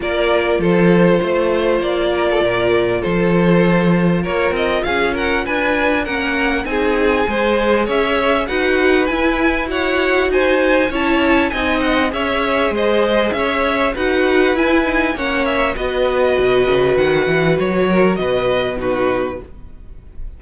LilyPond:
<<
  \new Staff \with { instrumentName = "violin" } { \time 4/4 \tempo 4 = 99 d''4 c''2 d''4~ | d''4 c''2 cis''8 dis''8 | f''8 fis''8 gis''4 fis''4 gis''4~ | gis''4 e''4 fis''4 gis''4 |
fis''4 gis''4 a''4 gis''8 fis''8 | e''4 dis''4 e''4 fis''4 | gis''4 fis''8 e''8 dis''2 | fis''4 cis''4 dis''4 b'4 | }
  \new Staff \with { instrumentName = "violin" } { \time 4/4 ais'4 a'4 c''4. ais'16 a'16 | ais'4 a'2 ais'4 | gis'8 ais'8 b'4 ais'4 gis'4 | c''4 cis''4 b'2 |
cis''4 c''4 cis''4 dis''4 | cis''4 c''4 cis''4 b'4~ | b'4 cis''4 b'2~ | b'4. ais'8 b'4 fis'4 | }
  \new Staff \with { instrumentName = "viola" } { \time 4/4 f'1~ | f'1~ | f'2 cis'4 dis'4 | gis'2 fis'4 e'4 |
fis'2 e'4 dis'4 | gis'2. fis'4 | e'8 dis'8 cis'4 fis'2~ | fis'2. dis'4 | }
  \new Staff \with { instrumentName = "cello" } { \time 4/4 ais4 f4 a4 ais4 | ais,4 f2 ais8 c'8 | cis'4 d'4 ais4 c'4 | gis4 cis'4 dis'4 e'4~ |
e'4 dis'4 cis'4 c'4 | cis'4 gis4 cis'4 dis'4 | e'4 ais4 b4 b,8 cis8 | dis8 e8 fis4 b,2 | }
>>